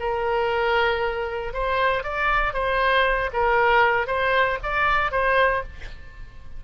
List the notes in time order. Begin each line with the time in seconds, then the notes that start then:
0.00 A#4
1.54 C5
2.04 D5
2.54 C5
3.33 A#4
4.07 C5
4.63 D5
5.12 C5